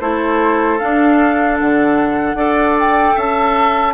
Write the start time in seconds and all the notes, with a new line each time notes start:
0.00 A3 E4 A4 C5
0.78 D4 F5
1.59 D3 F#5
2.34 D4 A4 D5
2.79 G5
3.15 C#4 E5 A5